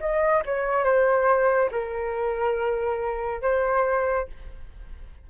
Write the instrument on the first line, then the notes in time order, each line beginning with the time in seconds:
flute
0.00 D#5
0.45 C#5
0.84 C5
1.71 A#4
3.42 C5